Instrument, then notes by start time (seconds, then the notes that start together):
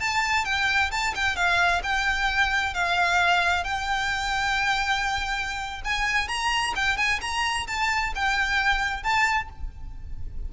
violin
0.00 A5
0.45 G5
0.91 A5
1.15 G5
1.36 F5
1.83 G5
2.74 F5
3.64 G5
5.84 G#5
6.28 A#5
6.75 G5
6.97 G#5
7.21 A#5
7.67 A5
8.15 G5
9.03 A5